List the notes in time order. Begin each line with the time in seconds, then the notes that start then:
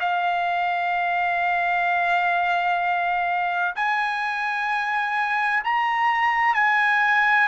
0.00 F5
3.75 G#5
5.64 A#5
6.55 G#5